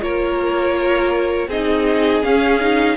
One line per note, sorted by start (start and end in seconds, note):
0.00 1.48 A#3
0.00 1.48 F4
0.00 1.47 A#4
0.00 1.50 C#5
1.47 2.22 C4
1.47 2.23 D#4
1.47 2.96 G#4
1.47 2.24 D#5
2.23 2.60 C#4
2.23 2.97 C#4
2.23 2.97 F5
2.60 2.97 D#4